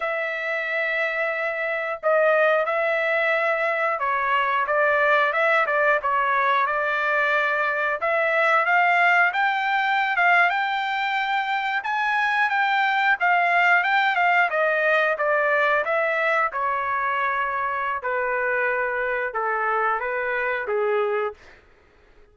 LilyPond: \new Staff \with { instrumentName = "trumpet" } { \time 4/4 \tempo 4 = 90 e''2. dis''4 | e''2 cis''4 d''4 | e''8 d''8 cis''4 d''2 | e''4 f''4 g''4~ g''16 f''8 g''16~ |
g''4.~ g''16 gis''4 g''4 f''16~ | f''8. g''8 f''8 dis''4 d''4 e''16~ | e''8. cis''2~ cis''16 b'4~ | b'4 a'4 b'4 gis'4 | }